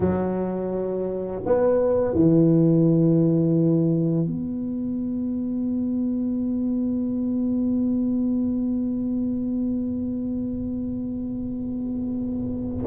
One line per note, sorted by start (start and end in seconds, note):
0.00 1.42 F#3
1.45 2.14 B3
2.14 4.27 E3
4.27 12.84 B3